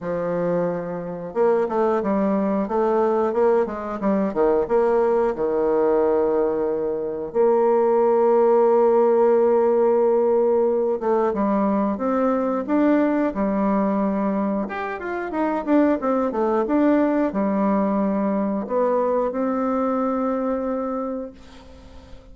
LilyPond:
\new Staff \with { instrumentName = "bassoon" } { \time 4/4 \tempo 4 = 90 f2 ais8 a8 g4 | a4 ais8 gis8 g8 dis8 ais4 | dis2. ais4~ | ais1~ |
ais8 a8 g4 c'4 d'4 | g2 g'8 f'8 dis'8 d'8 | c'8 a8 d'4 g2 | b4 c'2. | }